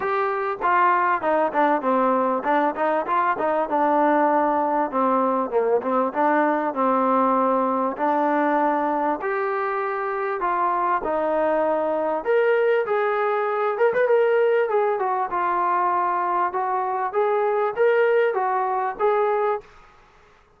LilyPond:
\new Staff \with { instrumentName = "trombone" } { \time 4/4 \tempo 4 = 98 g'4 f'4 dis'8 d'8 c'4 | d'8 dis'8 f'8 dis'8 d'2 | c'4 ais8 c'8 d'4 c'4~ | c'4 d'2 g'4~ |
g'4 f'4 dis'2 | ais'4 gis'4. ais'16 b'16 ais'4 | gis'8 fis'8 f'2 fis'4 | gis'4 ais'4 fis'4 gis'4 | }